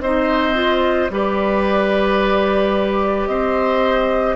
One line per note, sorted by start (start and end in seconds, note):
0.00 1.09 C4
0.00 0.55 D#4
0.00 1.12 C5
0.00 1.10 D#5
0.55 1.09 F4
1.10 3.27 G3
1.10 4.37 G4
1.10 3.29 B4
1.10 3.27 D5
3.27 4.37 C4
3.27 4.37 C5
3.27 4.36 D#5